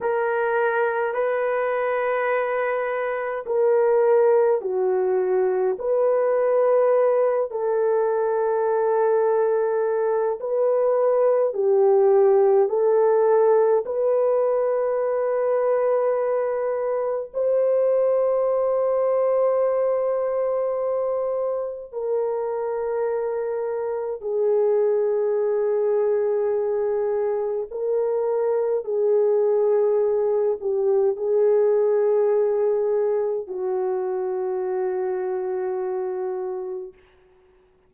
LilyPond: \new Staff \with { instrumentName = "horn" } { \time 4/4 \tempo 4 = 52 ais'4 b'2 ais'4 | fis'4 b'4. a'4.~ | a'4 b'4 g'4 a'4 | b'2. c''4~ |
c''2. ais'4~ | ais'4 gis'2. | ais'4 gis'4. g'8 gis'4~ | gis'4 fis'2. | }